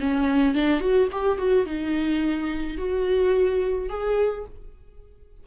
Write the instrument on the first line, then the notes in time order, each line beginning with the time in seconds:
viola
0.00 C#4
0.55 D4
0.80 F#4
1.12 G4
1.38 F#4
1.66 D#4
2.78 F#4
3.89 G#4